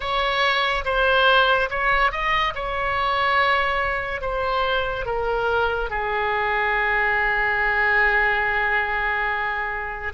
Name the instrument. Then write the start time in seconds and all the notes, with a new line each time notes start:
oboe
0.00 C#5
0.85 C5
1.70 C#5
2.11 D#5
2.55 C#5
4.21 C5
5.05 A#4
5.90 G#4